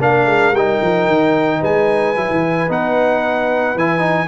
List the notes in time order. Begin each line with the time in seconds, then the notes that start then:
0.00 A#3 D4 A#4 F5
0.25 G#3
0.52 G3 D#4 G5
0.82 F3
1.07 D#3
1.59 G#3 B4 G#5
2.16 F#3 E4
2.31 E3
2.68 B3 D#4 F#5
3.75 E3 E4 G#5
3.99 D#4